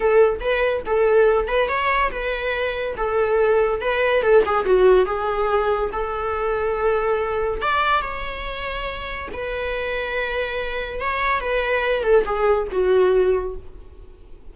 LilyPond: \new Staff \with { instrumentName = "viola" } { \time 4/4 \tempo 4 = 142 a'4 b'4 a'4. b'8 | cis''4 b'2 a'4~ | a'4 b'4 a'8 gis'8 fis'4 | gis'2 a'2~ |
a'2 d''4 cis''4~ | cis''2 b'2~ | b'2 cis''4 b'4~ | b'8 a'8 gis'4 fis'2 | }